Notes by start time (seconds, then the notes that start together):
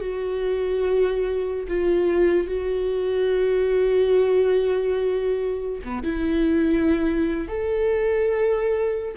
0.00 F#4
1.67 F4
2.47 F#4
5.84 B3
6.03 E4
7.48 A4